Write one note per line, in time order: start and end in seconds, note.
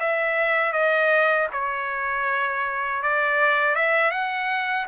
0.00 0.73 E5
0.73 1.48 D#5
1.53 3.02 C#5
3.02 3.75 D5
3.75 4.11 E5
4.11 4.86 F#5